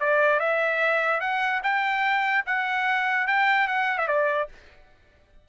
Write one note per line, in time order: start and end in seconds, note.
0.00 0.40 D5
0.40 1.20 E5
1.20 1.61 F#5
1.63 2.45 G5
2.46 3.27 F#5
3.27 3.68 G5
3.68 3.98 F#5
3.98 4.08 E5
4.08 4.48 D5